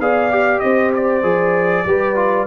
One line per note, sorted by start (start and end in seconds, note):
0.00 0.62 B3
0.00 0.31 G#4
0.00 0.63 D5
0.00 0.60 F5
0.31 1.23 G4
0.60 1.23 C4
0.60 1.86 C5
0.60 0.91 D#5
0.96 2.47 D5
1.23 1.85 F3
1.23 1.85 G#4
1.86 2.47 G3
1.86 2.16 G4
1.86 2.47 B4
2.16 2.47 F4